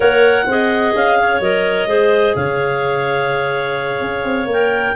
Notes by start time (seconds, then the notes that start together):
0.00 A#3 A#4 C#5 F#5
0.46 C4 G#4 D#5
0.94 C#4 F5
1.19 C#5
1.40 F#3 A#4 D#5
1.87 G#3 G#4 C5
2.35 C#3 C#5 F5
4.00 C#4
4.24 C4
4.45 A#3 A#4
4.52 G5